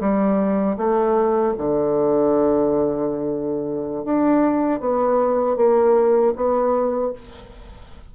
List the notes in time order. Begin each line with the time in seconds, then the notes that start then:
0.00 G3
0.77 A3
1.58 D3
4.05 D4
4.80 B3
5.56 A#3
6.35 B3